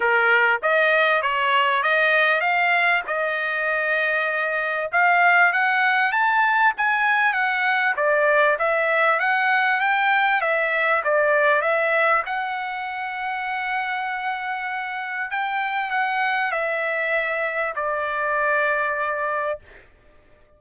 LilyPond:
\new Staff \with { instrumentName = "trumpet" } { \time 4/4 \tempo 4 = 98 ais'4 dis''4 cis''4 dis''4 | f''4 dis''2. | f''4 fis''4 a''4 gis''4 | fis''4 d''4 e''4 fis''4 |
g''4 e''4 d''4 e''4 | fis''1~ | fis''4 g''4 fis''4 e''4~ | e''4 d''2. | }